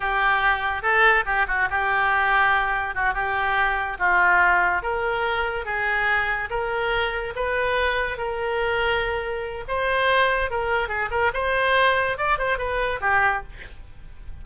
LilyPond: \new Staff \with { instrumentName = "oboe" } { \time 4/4 \tempo 4 = 143 g'2 a'4 g'8 fis'8 | g'2. fis'8 g'8~ | g'4. f'2 ais'8~ | ais'4. gis'2 ais'8~ |
ais'4. b'2 ais'8~ | ais'2. c''4~ | c''4 ais'4 gis'8 ais'8 c''4~ | c''4 d''8 c''8 b'4 g'4 | }